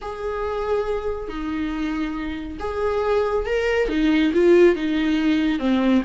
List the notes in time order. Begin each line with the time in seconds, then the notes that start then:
0.01 G#4
1.28 D#4
2.59 G#4
3.46 A#4
3.88 D#4
4.33 F4
4.75 D#4
5.59 C4